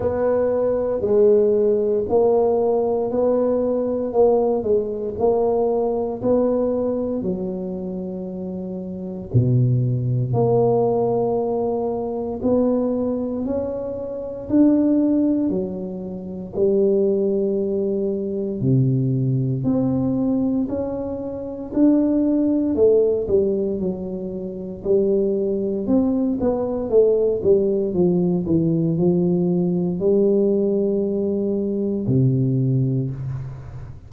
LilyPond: \new Staff \with { instrumentName = "tuba" } { \time 4/4 \tempo 4 = 58 b4 gis4 ais4 b4 | ais8 gis8 ais4 b4 fis4~ | fis4 b,4 ais2 | b4 cis'4 d'4 fis4 |
g2 c4 c'4 | cis'4 d'4 a8 g8 fis4 | g4 c'8 b8 a8 g8 f8 e8 | f4 g2 c4 | }